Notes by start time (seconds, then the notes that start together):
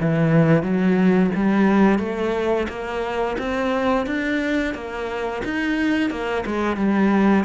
0.00 E3
0.63 F#3
1.35 G3
1.99 A3
2.69 A#3
3.39 C4
4.07 D4
4.74 A#3
5.45 D#4
6.11 A#3
6.46 G#3
6.77 G3